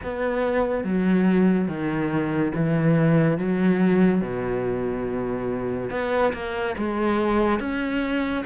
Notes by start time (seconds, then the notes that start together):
0.03 B3
0.84 F#3
1.67 D#3
2.54 E3
3.38 F#3
4.21 B2
5.90 B3
6.33 A#3
6.77 G#3
7.59 C#4